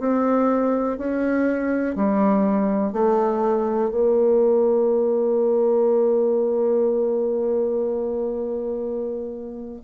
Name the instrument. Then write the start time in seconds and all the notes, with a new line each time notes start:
bassoon
0.00 C4
0.98 C#4
1.96 G3
2.93 A3
3.91 A#3